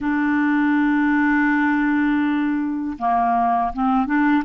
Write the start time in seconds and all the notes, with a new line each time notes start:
0.00 D4
2.98 A#3
3.73 C4
4.06 D4